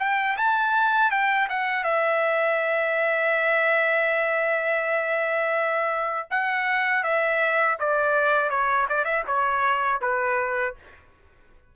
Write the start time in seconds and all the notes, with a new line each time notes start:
0.00 G5
0.37 A5
1.11 G5
1.50 F#5
1.84 E5
6.31 F#5
7.04 E5
7.80 D5
8.50 C#5
8.89 D5
9.05 E5
9.27 C#5
10.01 B4